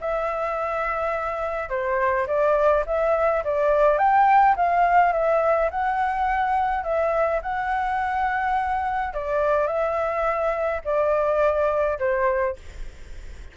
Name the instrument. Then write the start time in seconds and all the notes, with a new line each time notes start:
flute
0.00 E5
1.69 C5
2.27 D5
2.86 E5
3.44 D5
3.98 G5
4.56 F5
5.12 E5
5.70 F#5
6.83 E5
7.42 F#5
9.13 D5
9.66 E5
10.84 D5
11.99 C5